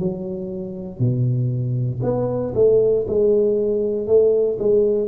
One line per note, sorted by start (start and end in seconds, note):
0.00 0.99 F#3
0.99 2.01 B2
2.03 2.54 B3
2.55 3.06 A3
3.08 4.07 G#3
4.07 4.58 A3
4.59 5.08 G#3